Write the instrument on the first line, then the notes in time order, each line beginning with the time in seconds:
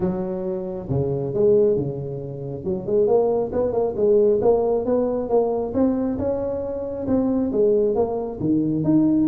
tuba
0.00 F#3
0.89 C#3
1.34 G#3
1.76 C#3
2.64 F#3
2.86 G#3
3.07 A#3
3.52 B3
3.72 A#3
3.96 G#3
4.41 A#3
4.85 B3
5.29 A#3
5.74 C4
6.18 C#4
7.07 C4
7.52 G#3
7.95 A#3
8.39 D#3
8.84 D#4